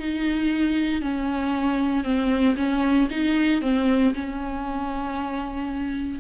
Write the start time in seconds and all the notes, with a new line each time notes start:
0.00 D#4
1.02 C#4
2.04 C4
2.57 C#4
3.11 D#4
3.62 C4
4.14 C#4